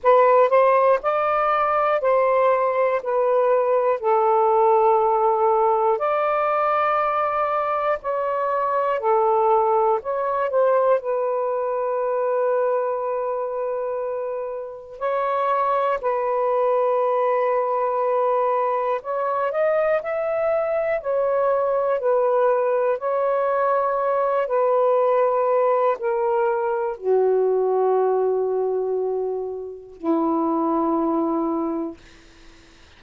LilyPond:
\new Staff \with { instrumentName = "saxophone" } { \time 4/4 \tempo 4 = 60 b'8 c''8 d''4 c''4 b'4 | a'2 d''2 | cis''4 a'4 cis''8 c''8 b'4~ | b'2. cis''4 |
b'2. cis''8 dis''8 | e''4 cis''4 b'4 cis''4~ | cis''8 b'4. ais'4 fis'4~ | fis'2 e'2 | }